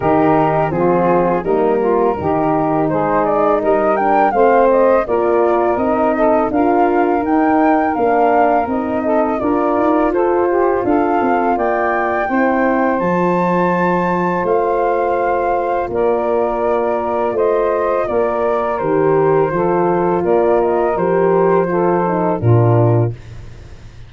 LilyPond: <<
  \new Staff \with { instrumentName = "flute" } { \time 4/4 \tempo 4 = 83 ais'4 gis'4 ais'2 | c''8 d''8 dis''8 g''8 f''8 dis''8 d''4 | dis''4 f''4 g''4 f''4 | dis''4 d''4 c''4 f''4 |
g''2 a''2 | f''2 d''2 | dis''4 d''4 c''2 | d''8 dis''8 c''2 ais'4 | }
  \new Staff \with { instrumentName = "saxophone" } { \time 4/4 g'4 f'4 dis'8 f'8 g'4 | gis'4 ais'4 c''4 ais'4~ | ais'8 a'8 ais'2.~ | ais'8 a'8 ais'4 a'8 g'8 a'4 |
d''4 c''2.~ | c''2 ais'2 | c''4 ais'2 a'4 | ais'2 a'4 f'4 | }
  \new Staff \with { instrumentName = "horn" } { \time 4/4 dis'4 c'4 ais4 dis'4~ | dis'4. d'8 c'4 f'4 | dis'4 f'4 dis'4 d'4 | dis'4 f'2.~ |
f'4 e'4 f'2~ | f'1~ | f'2 g'4 f'4~ | f'4 g'4 f'8 dis'8 d'4 | }
  \new Staff \with { instrumentName = "tuba" } { \time 4/4 dis4 f4 g4 dis4 | gis4 g4 a4 ais4 | c'4 d'4 dis'4 ais4 | c'4 d'8 dis'8 f'4 d'8 c'8 |
ais4 c'4 f2 | a2 ais2 | a4 ais4 dis4 f4 | ais4 f2 ais,4 | }
>>